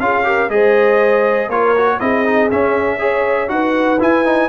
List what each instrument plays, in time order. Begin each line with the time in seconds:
0.00 tuba C#4, trombone F4, horn G#4, trumpet F5
0.24 trombone G4, horn A#4
0.49 tuba G#3, trombone G#4, horn C5, trumpet D#5
1.49 tuba A#3, trombone F4, horn A#4, trumpet C#5
1.77 trombone F#4
2.00 tuba C4, trombone E4, horn G#4, trumpet D#5
2.25 trombone D#4
2.51 trombone C#4, tuba C#4, trumpet E5
2.98 trombone G#4, horn C#5
3.48 tuba D#4, trombone F#4, horn B4, trumpet F#5
4.00 trombone E4, tuba E4, trumpet G#5
4.25 trombone D#4